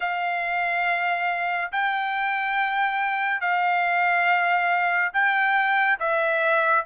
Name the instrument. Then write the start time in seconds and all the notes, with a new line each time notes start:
trumpet
0.00 F5
1.71 G5
3.41 F5
5.13 G5
5.99 E5